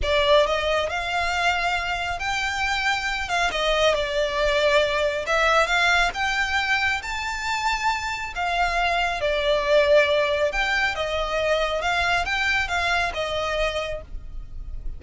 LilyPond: \new Staff \with { instrumentName = "violin" } { \time 4/4 \tempo 4 = 137 d''4 dis''4 f''2~ | f''4 g''2~ g''8 f''8 | dis''4 d''2. | e''4 f''4 g''2 |
a''2. f''4~ | f''4 d''2. | g''4 dis''2 f''4 | g''4 f''4 dis''2 | }